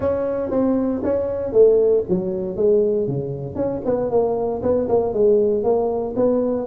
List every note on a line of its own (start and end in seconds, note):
0.00 0.50 C#4
0.50 1.01 C4
1.03 1.52 C#4
1.52 2.03 A3
2.08 2.56 F#3
2.56 3.07 G#3
3.07 3.55 C#3
3.55 3.81 C#4
3.85 4.10 B3
4.10 4.62 A#3
4.62 4.87 B3
4.88 5.13 A#3
5.13 5.63 G#3
5.63 6.14 A#3
6.16 6.67 B3